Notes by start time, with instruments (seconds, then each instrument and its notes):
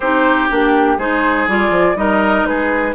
0.00 bassoon C4, clarinet D#4, oboe G4, flute C5
0.49 bassoon A#3, clarinet D4, flute G4
0.97 bassoon G#3, clarinet D#4, oboe G#4, flute C5
1.47 bassoon G3, clarinet F4, flute D5
1.70 bassoon F3
1.95 bassoon G3, clarinet D#4, oboe A#4, flute D#5
2.44 bassoon G#3, oboe G#4, flute B4